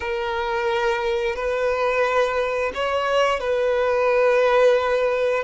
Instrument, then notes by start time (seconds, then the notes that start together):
violin
0.00 A#4
1.35 B4
2.74 C#5
3.40 B4